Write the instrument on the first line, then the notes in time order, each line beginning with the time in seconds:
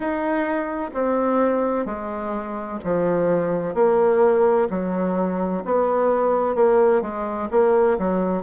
bassoon
0.00 D#4
0.94 C4
1.85 G#3
2.84 F3
3.74 A#3
4.70 F#3
5.65 B3
6.55 A#3
7.01 G#3
7.50 A#3
7.98 F#3